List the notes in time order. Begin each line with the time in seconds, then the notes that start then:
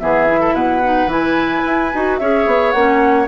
0.00 E3 B3 G#4 E5
0.27 E4
0.41 A4
0.53 B2 B4 F#5
0.84 D#4
1.07 E3 E4 G#5
1.66 E4
1.94 D#4 F#4
2.18 C#4 G#4 C#5 E5
2.47 B3
2.72 A#3 C#4 F#5